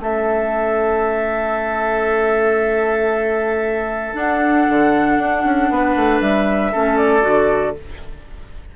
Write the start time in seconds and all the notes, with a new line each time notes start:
0.00 A3 C#4 A4 E5
4.14 D4 F#5
4.69 D3
5.19 D4
5.45 C#4
5.70 B3 B4
5.96 A3
6.21 G3 E5
6.72 A3 C#4 A4
6.97 D5
7.22 D3 F#4